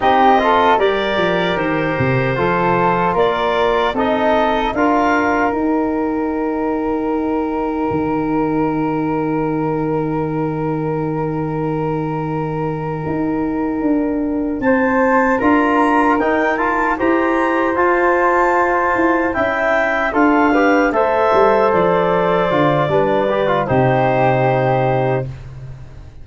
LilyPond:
<<
  \new Staff \with { instrumentName = "clarinet" } { \time 4/4 \tempo 4 = 76 dis''4 d''4 c''2 | d''4 dis''4 f''4 g''4~ | g''1~ | g''1~ |
g''2~ g''8 a''4 ais''8~ | ais''8 g''8 a''8 ais''4 a''4.~ | a''8 g''4 f''4 e''4 d''8~ | d''2 c''2 | }
  \new Staff \with { instrumentName = "flute" } { \time 4/4 g'8 a'8 ais'2 a'4 | ais'4 a'4 ais'2~ | ais'1~ | ais'1~ |
ais'2~ ais'8 c''4 ais'8~ | ais'4. c''2~ c''8~ | c''8 e''4 a'8 b'8 c''4.~ | c''4 b'4 g'2 | }
  \new Staff \with { instrumentName = "trombone" } { \time 4/4 dis'8 f'8 g'2 f'4~ | f'4 dis'4 f'4 dis'4~ | dis'1~ | dis'1~ |
dis'2.~ dis'8 f'8~ | f'8 dis'8 f'8 g'4 f'4.~ | f'8 e'4 f'8 g'8 a'4.~ | a'8 f'8 d'8 g'16 f'16 dis'2 | }
  \new Staff \with { instrumentName = "tuba" } { \time 4/4 c'4 g8 f8 dis8 c8 f4 | ais4 c'4 d'4 dis'4~ | dis'2 dis2~ | dis1~ |
dis8 dis'4 d'4 c'4 d'8~ | d'8 dis'4 e'4 f'4. | e'8 cis'4 d'4 a8 g8 f8~ | f8 d8 g4 c2 | }
>>